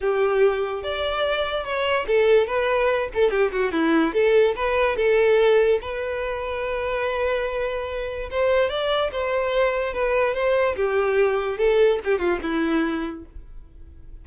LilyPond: \new Staff \with { instrumentName = "violin" } { \time 4/4 \tempo 4 = 145 g'2 d''2 | cis''4 a'4 b'4. a'8 | g'8 fis'8 e'4 a'4 b'4 | a'2 b'2~ |
b'1 | c''4 d''4 c''2 | b'4 c''4 g'2 | a'4 g'8 f'8 e'2 | }